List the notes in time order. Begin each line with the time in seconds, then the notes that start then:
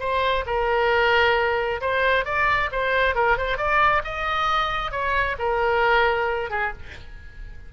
0.00 C5
0.47 A#4
1.81 C5
2.26 D5
2.72 C5
3.15 A#4
3.38 C5
3.58 D5
4.04 D#5
4.92 C#5
5.39 A#4
6.51 G#4